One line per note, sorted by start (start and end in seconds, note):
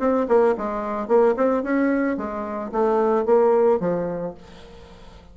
0.00 0.27 C4
0.29 0.56 A#3
0.58 1.08 G#3
1.08 1.35 A#3
1.37 1.64 C4
1.64 2.17 C#4
2.17 2.71 G#3
2.72 3.26 A3
3.26 3.80 A#3
3.80 4.34 F3